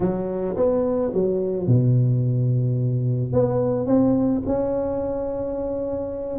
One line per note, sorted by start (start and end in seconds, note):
0.00 0.56 F#3
0.56 1.12 B3
1.13 1.67 F#3
1.67 3.33 B2
3.33 3.86 B3
3.86 4.42 C4
4.46 6.39 C#4